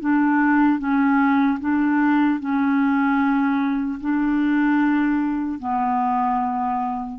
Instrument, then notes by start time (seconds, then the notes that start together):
clarinet
0.00 D4
0.78 C#4
1.60 D4
2.40 C#4
4.00 D4
5.59 B3